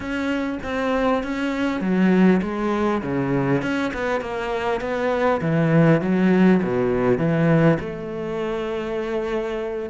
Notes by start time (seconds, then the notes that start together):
0.00 C#4
0.63 C4
1.23 C#4
1.81 F#3
2.42 G#3
3.02 C#3
3.62 C#4
3.93 B3
4.21 A#3
4.80 B3
5.41 E3
6.01 F#3
6.62 B2
7.18 E3
7.79 A3